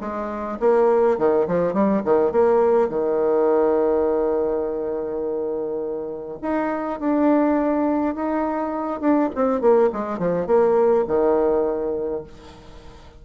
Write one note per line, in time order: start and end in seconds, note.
0.00 0.58 G#3
0.59 1.18 A#3
1.18 1.47 D#3
1.47 1.73 F3
1.73 2.02 G3
2.04 2.31 D#3
2.31 2.89 A#3
2.89 6.38 D#3
6.41 6.99 D#4
6.99 8.15 D4
8.15 9.00 D#4
9.00 9.29 D4
9.35 9.60 C4
9.60 9.89 A#3
9.92 10.18 G#3
10.18 10.46 F3
10.46 11.04 A#3
11.07 12.23 D#3